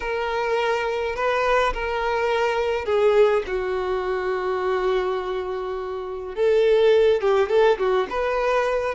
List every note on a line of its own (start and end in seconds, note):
0.00 1.15 A#4
1.15 1.73 B4
1.73 2.85 A#4
2.85 3.42 G#4
3.46 6.35 F#4
6.35 7.21 A4
7.21 7.49 G4
7.49 7.78 A4
7.78 8.07 F#4
8.09 8.94 B4